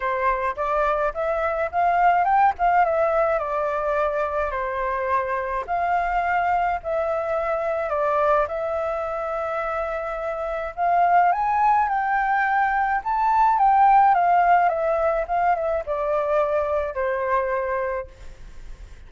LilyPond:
\new Staff \with { instrumentName = "flute" } { \time 4/4 \tempo 4 = 106 c''4 d''4 e''4 f''4 | g''8 f''8 e''4 d''2 | c''2 f''2 | e''2 d''4 e''4~ |
e''2. f''4 | gis''4 g''2 a''4 | g''4 f''4 e''4 f''8 e''8 | d''2 c''2 | }